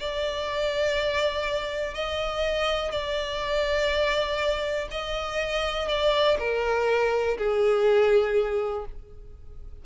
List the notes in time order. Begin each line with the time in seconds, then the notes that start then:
0.00 D5
1.94 D#5
2.92 D5
4.91 D#5
5.89 D5
6.39 A#4
7.38 G#4